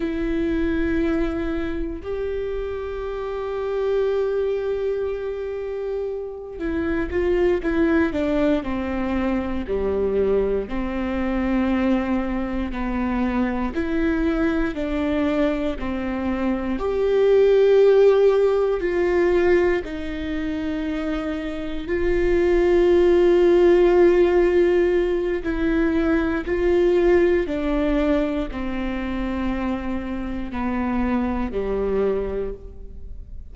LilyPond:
\new Staff \with { instrumentName = "viola" } { \time 4/4 \tempo 4 = 59 e'2 g'2~ | g'2~ g'8 e'8 f'8 e'8 | d'8 c'4 g4 c'4.~ | c'8 b4 e'4 d'4 c'8~ |
c'8 g'2 f'4 dis'8~ | dis'4. f'2~ f'8~ | f'4 e'4 f'4 d'4 | c'2 b4 g4 | }